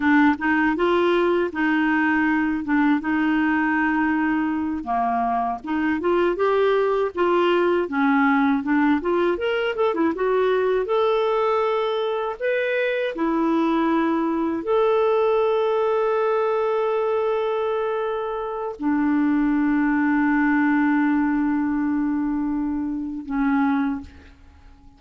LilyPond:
\new Staff \with { instrumentName = "clarinet" } { \time 4/4 \tempo 4 = 80 d'8 dis'8 f'4 dis'4. d'8 | dis'2~ dis'8 ais4 dis'8 | f'8 g'4 f'4 cis'4 d'8 | f'8 ais'8 a'16 e'16 fis'4 a'4.~ |
a'8 b'4 e'2 a'8~ | a'1~ | a'4 d'2.~ | d'2. cis'4 | }